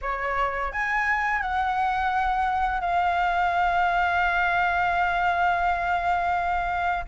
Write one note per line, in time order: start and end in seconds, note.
0.01 0.72 C#5
0.72 1.41 G#5
1.41 2.80 F#5
2.80 7.04 F5